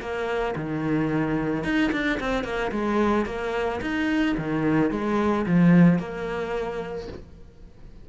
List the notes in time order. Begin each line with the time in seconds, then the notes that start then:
0.00 A#3
0.56 D#3
1.64 D#4
1.92 D4
2.20 C4
2.43 A#3
2.71 G#3
3.26 A#3
3.81 D#4
4.37 D#3
4.91 G#3
5.46 F3
5.99 A#3